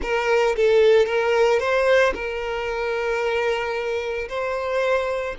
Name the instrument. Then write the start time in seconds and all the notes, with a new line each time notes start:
violin
0.01 A#4
0.56 A4
1.06 A#4
1.59 C5
2.14 A#4
4.28 C5